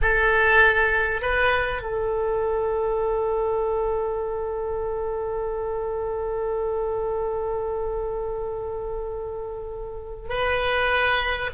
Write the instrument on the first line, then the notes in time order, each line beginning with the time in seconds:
oboe
0.01 A4
1.21 B4
1.82 A4
10.29 B4